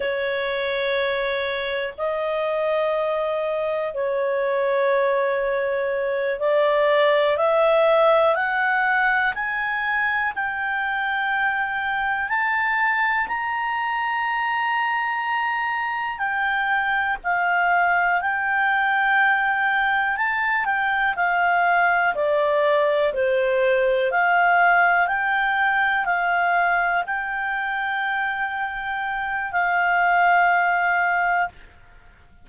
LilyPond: \new Staff \with { instrumentName = "clarinet" } { \time 4/4 \tempo 4 = 61 cis''2 dis''2 | cis''2~ cis''8 d''4 e''8~ | e''8 fis''4 gis''4 g''4.~ | g''8 a''4 ais''2~ ais''8~ |
ais''8 g''4 f''4 g''4.~ | g''8 a''8 g''8 f''4 d''4 c''8~ | c''8 f''4 g''4 f''4 g''8~ | g''2 f''2 | }